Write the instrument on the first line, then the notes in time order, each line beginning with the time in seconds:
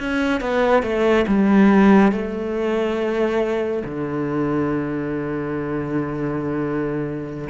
cello
0.00 C#4
0.41 B3
0.83 A3
1.28 G3
2.12 A3
3.85 D3